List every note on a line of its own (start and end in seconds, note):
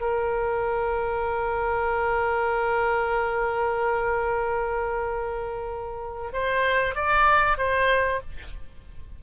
0.00 6.32 A#4
6.32 6.95 C5
6.95 7.57 D5
7.57 8.20 C5